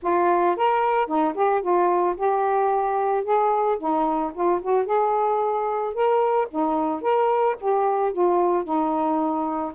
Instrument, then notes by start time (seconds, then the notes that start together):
saxophone
0.02 F4
0.56 A#4
1.06 D#4
1.34 G4
1.61 F4
2.16 G4
3.24 G#4
3.78 D#4
4.34 F4
4.61 F#4
4.85 G#4
5.94 A#4
6.50 D#4
7.01 A#4
7.60 G4
8.12 F4
8.64 D#4